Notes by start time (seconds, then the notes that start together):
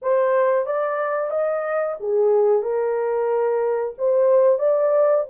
0.02 C5
0.66 D5
1.30 D#5
1.99 G#4
2.62 A#4
3.97 C5
4.58 D5